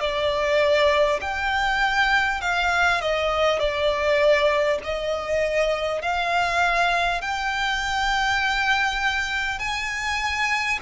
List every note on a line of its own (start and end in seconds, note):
0.00 1.20 D5
1.21 2.41 G5
2.41 3.01 F5
3.01 3.59 D#5
3.59 4.79 D5
4.83 6.02 D#5
6.02 7.21 F5
7.21 9.59 G5
9.59 10.79 G#5